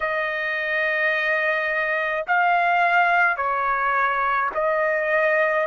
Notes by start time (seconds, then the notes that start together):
0.00 D#5
2.27 F5
3.37 C#5
4.54 D#5